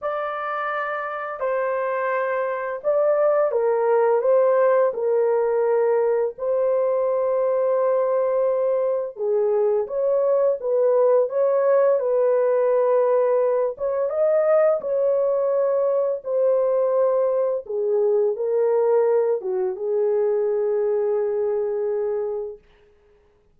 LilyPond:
\new Staff \with { instrumentName = "horn" } { \time 4/4 \tempo 4 = 85 d''2 c''2 | d''4 ais'4 c''4 ais'4~ | ais'4 c''2.~ | c''4 gis'4 cis''4 b'4 |
cis''4 b'2~ b'8 cis''8 | dis''4 cis''2 c''4~ | c''4 gis'4 ais'4. fis'8 | gis'1 | }